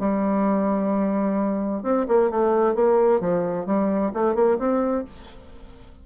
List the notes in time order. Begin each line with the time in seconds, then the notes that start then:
0.00 G3
1.83 C4
2.08 A#3
2.31 A3
2.75 A#3
3.21 F3
3.67 G3
4.14 A3
4.35 A#3
4.59 C4